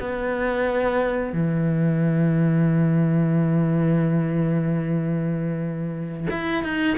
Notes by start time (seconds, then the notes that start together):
0.00 B3
1.33 E3
6.30 E4
6.64 D#4